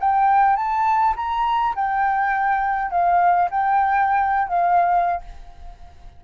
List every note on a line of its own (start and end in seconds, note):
0.00 0.57 G5
0.57 1.15 A5
1.17 1.75 A#5
1.76 2.91 G5
2.91 3.50 F5
3.51 4.48 G5
4.48 5.21 F5